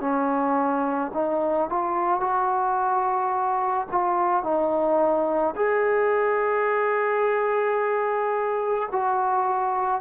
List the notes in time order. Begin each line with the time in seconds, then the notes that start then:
0.00 C#4
1.14 D#4
1.69 F4
2.20 F#4
3.91 F4
4.43 D#4
5.56 G#4
8.91 F#4